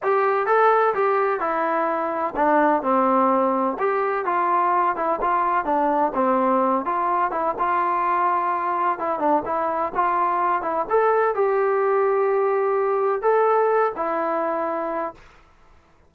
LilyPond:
\new Staff \with { instrumentName = "trombone" } { \time 4/4 \tempo 4 = 127 g'4 a'4 g'4 e'4~ | e'4 d'4 c'2 | g'4 f'4. e'8 f'4 | d'4 c'4. f'4 e'8 |
f'2. e'8 d'8 | e'4 f'4. e'8 a'4 | g'1 | a'4. e'2~ e'8 | }